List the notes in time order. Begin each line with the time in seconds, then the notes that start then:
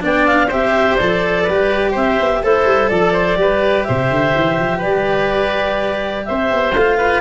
0.00 B3 D4 D5 G5
0.26 F5
0.47 C4 G4 C5 E5
0.96 F3 A4 D5
1.43 G3 B4
1.49 G4
1.91 C4 C5 E5
2.20 B3
2.43 A3 E4 A4 C5
2.64 G3
2.89 F3 A4 D5
3.12 C5
3.35 G3 G4 B4
3.83 C3 C5 E5
4.10 D3
4.35 E3
4.59 F3
4.78 G3 B4 D5
6.25 C4 C5 E5
6.51 B3
6.72 A3 F4 F5
6.97 B4